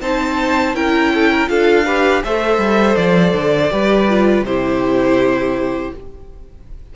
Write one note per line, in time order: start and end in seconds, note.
0.00 0.74 C4
0.00 0.74 D#4
0.00 0.75 C5
0.00 0.75 A5
0.74 1.48 C#4
0.74 1.47 E4
0.74 1.12 A#4
0.74 1.48 G5
1.14 1.30 A4
1.30 1.49 A#4
1.47 2.23 D4
1.47 1.84 F4
1.47 1.85 A4
1.47 2.22 F5
1.85 2.22 G4
1.85 2.22 B4
2.22 2.58 A3
2.22 3.70 A4
2.22 3.72 C5
2.22 2.95 E5
2.58 2.95 G3
2.95 3.33 F3
2.95 4.44 D5
3.33 3.70 D3
3.70 4.42 G3
3.70 4.07 G4
3.70 4.46 B4
4.08 4.46 F4
4.42 5.90 C3
4.42 5.95 E4
4.42 5.94 G4
4.42 5.93 C5